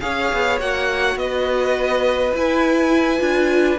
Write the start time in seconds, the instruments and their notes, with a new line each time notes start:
0.00 cello C#4, viola G#4, violin C#5 F5
0.33 cello B3
0.59 cello A#3, viola F#4, violin F#5
1.15 cello B3, violin B4 D#5
2.33 cello E4, viola E4, violin G#5
3.18 cello D4, viola F4